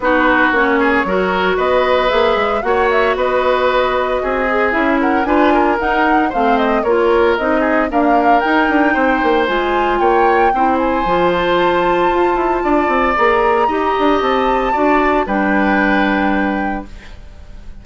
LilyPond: <<
  \new Staff \with { instrumentName = "flute" } { \time 4/4 \tempo 4 = 114 b'4 cis''2 dis''4 | e''4 fis''8 e''8 dis''2~ | dis''4 e''8 fis''8 gis''4 fis''4 | f''8 dis''8 cis''4 dis''4 f''4 |
g''2 gis''4 g''4~ | g''8 gis''4 a''2~ a''8~ | a''4 ais''2 a''4~ | a''4 g''2. | }
  \new Staff \with { instrumentName = "oboe" } { \time 4/4 fis'4. gis'8 ais'4 b'4~ | b'4 cis''4 b'2 | gis'4. ais'8 b'8 ais'4. | c''4 ais'4. gis'8 ais'4~ |
ais'4 c''2 cis''4 | c''1 | d''2 dis''2 | d''4 b'2. | }
  \new Staff \with { instrumentName = "clarinet" } { \time 4/4 dis'4 cis'4 fis'2 | gis'4 fis'2.~ | fis'8 gis'8 e'4 f'4 dis'4 | c'4 f'4 dis'4 ais4 |
dis'2 f'2 | e'4 f'2.~ | f'4 gis'4 g'2 | fis'4 d'2. | }
  \new Staff \with { instrumentName = "bassoon" } { \time 4/4 b4 ais4 fis4 b4 | ais8 gis8 ais4 b2 | c'4 cis'4 d'4 dis'4 | a4 ais4 c'4 d'4 |
dis'8 d'8 c'8 ais8 gis4 ais4 | c'4 f2 f'8 e'8 | d'8 c'8 ais4 dis'8 d'8 c'4 | d'4 g2. | }
>>